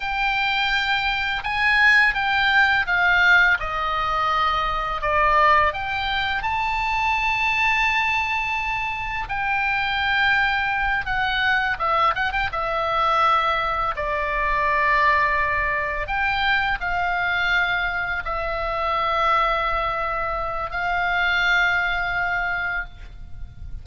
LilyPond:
\new Staff \with { instrumentName = "oboe" } { \time 4/4 \tempo 4 = 84 g''2 gis''4 g''4 | f''4 dis''2 d''4 | g''4 a''2.~ | a''4 g''2~ g''8 fis''8~ |
fis''8 e''8 fis''16 g''16 e''2 d''8~ | d''2~ d''8 g''4 f''8~ | f''4. e''2~ e''8~ | e''4 f''2. | }